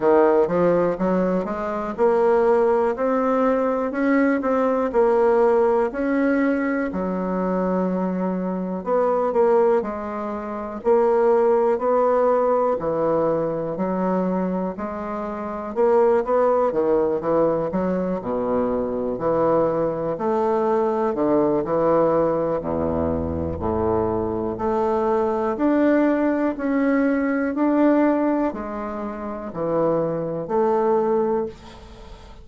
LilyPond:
\new Staff \with { instrumentName = "bassoon" } { \time 4/4 \tempo 4 = 61 dis8 f8 fis8 gis8 ais4 c'4 | cis'8 c'8 ais4 cis'4 fis4~ | fis4 b8 ais8 gis4 ais4 | b4 e4 fis4 gis4 |
ais8 b8 dis8 e8 fis8 b,4 e8~ | e8 a4 d8 e4 e,4 | a,4 a4 d'4 cis'4 | d'4 gis4 e4 a4 | }